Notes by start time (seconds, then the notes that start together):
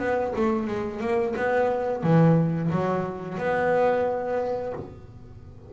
0.00 B3
0.37 A3
0.68 G#3
1.01 A#3
1.37 B3
2.03 E3
2.72 F#3
3.39 B3